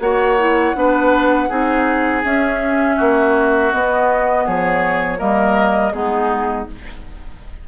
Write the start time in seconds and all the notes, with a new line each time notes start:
0.00 A#3 F#4 C#5 F#5
0.39 E4
0.75 B3 D4 B4
1.49 C4 D#4 G#4
2.24 C#4 E5
2.97 A#3 F#4
3.72 B3 D#5
4.46 F3 G#4 C#5
5.18 G3 A#3 A#4 D#5
5.93 G#3 B3 D#4 G#4